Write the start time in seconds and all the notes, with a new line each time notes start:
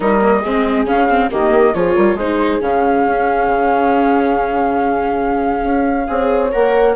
0.00 G3 D#4 A#4 D#5
0.20 A#3
0.40 G#3 C4 G#4
0.85 C#3 C#4 F5
1.09 C4
1.30 D#3 A#3 G4 D#5
1.74 F3 F4 G#4 C#5
1.95 G3 A#4
2.14 G#3 D#4 G#4 C5
2.61 C#3 C#4 F5
3.06 C#4
3.47 C#3
5.63 C#4
6.07 C4 G#4 C#5
6.51 A#3 A#4 F#5